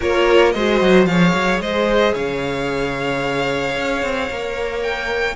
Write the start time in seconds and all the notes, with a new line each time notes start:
0.00 A#3 F4 A#4 C#5
0.51 G#3 F#4 C5 D#5
0.81 F#3
1.05 F3 G#4 C#5 F5
1.33 F#3
1.59 G#3 C5 D#5
2.13 C#3 C#5 F5
3.75 C#4
4.02 C4
4.30 A#3 A#4
4.82 G5